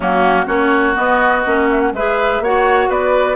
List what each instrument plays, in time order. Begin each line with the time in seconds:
0.00 bassoon F#3, clarinet A#3, oboe C#4, flute F#4
0.46 bassoon A#3, clarinet C#4, oboe F#4, flute C#5
0.94 clarinet B3, bassoon B3, flute D#5
1.45 bassoon A#3, clarinet C#4
1.70 flute E5
1.80 flute F#5
1.92 bassoon G#3, clarinet G#4, oboe B4, flute E5
2.40 bassoon A#3, clarinet F#4, oboe C#5, flute F#5
2.88 bassoon B3, oboe B4, flute D5